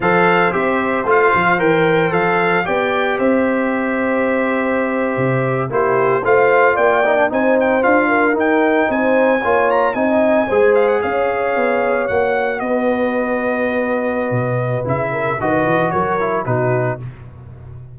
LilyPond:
<<
  \new Staff \with { instrumentName = "trumpet" } { \time 4/4 \tempo 4 = 113 f''4 e''4 f''4 g''4 | f''4 g''4 e''2~ | e''2~ e''8. c''4 f''16~ | f''8. g''4 gis''8 g''8 f''4 g''16~ |
g''8. gis''4. ais''8 gis''4~ gis''16~ | gis''16 f''16 fis''16 f''2 fis''4 dis''16~ | dis''1 | e''4 dis''4 cis''4 b'4 | }
  \new Staff \with { instrumentName = "horn" } { \time 4/4 c''1~ | c''4 d''4 c''2~ | c''2~ c''8. g'4 c''16~ | c''8. d''4 c''4. ais'8.~ |
ais'8. c''4 cis''4 dis''4 c''16~ | c''8. cis''2. b'16~ | b'1~ | b'8 ais'8 b'4 ais'4 fis'4 | }
  \new Staff \with { instrumentName = "trombone" } { \time 4/4 a'4 g'4 f'4 ais'4 | a'4 g'2.~ | g'2~ g'8. e'4 f'16~ | f'4~ f'16 dis'16 d'16 dis'4 f'4 dis'16~ |
dis'4.~ dis'16 f'4 dis'4 gis'16~ | gis'2~ gis'8. fis'4~ fis'16~ | fis'1 | e'4 fis'4. e'8 dis'4 | }
  \new Staff \with { instrumentName = "tuba" } { \time 4/4 f4 c'4 a8 f8 e4 | f4 b4 c'2~ | c'4.~ c'16 c4 ais4 a16~ | a8. ais4 c'4 d'4 dis'16~ |
dis'8. c'4 ais4 c'4 gis16~ | gis8. cis'4 b4 ais4 b16~ | b2. b,4 | cis4 dis8 e8 fis4 b,4 | }
>>